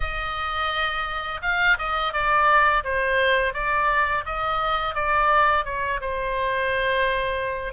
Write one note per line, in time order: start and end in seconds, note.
0.00 1.40 D#5
1.42 1.77 F5
1.78 2.13 D#5
2.13 2.83 D5
2.84 3.53 C5
3.53 4.24 D5
4.25 4.94 D#5
4.94 5.65 D5
5.65 6.00 C#5
6.00 7.73 C5